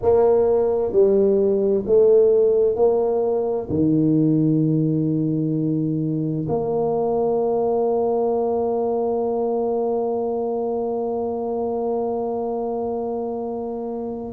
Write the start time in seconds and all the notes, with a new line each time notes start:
0.02 A#3
0.92 G3
1.85 A3
2.75 A#3
3.69 D#3
6.48 A#3